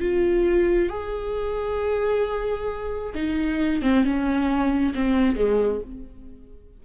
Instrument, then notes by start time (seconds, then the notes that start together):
viola
0.00 F4
0.89 G#4
3.15 D#4
3.82 C4
4.04 C#4
4.94 C4
5.36 G#3